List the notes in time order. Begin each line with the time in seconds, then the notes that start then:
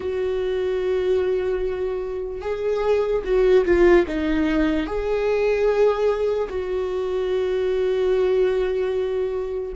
0.00 F#4
2.41 G#4
3.24 F#4
3.65 F4
4.07 D#4
4.86 G#4
6.49 F#4